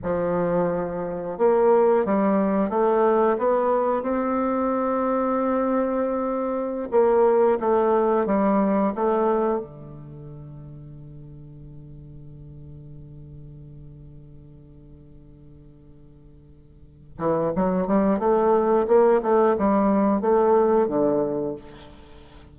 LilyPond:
\new Staff \with { instrumentName = "bassoon" } { \time 4/4 \tempo 4 = 89 f2 ais4 g4 | a4 b4 c'2~ | c'2~ c'16 ais4 a8.~ | a16 g4 a4 d4.~ d16~ |
d1~ | d1~ | d4. e8 fis8 g8 a4 | ais8 a8 g4 a4 d4 | }